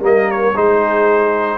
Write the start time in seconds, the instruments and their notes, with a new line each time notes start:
0.00 tuba G3, trombone A#3, horn A#4, trumpet D#5
0.31 trumpet C#5
0.55 tuba G#3, trombone D#4, horn G#4, trumpet C5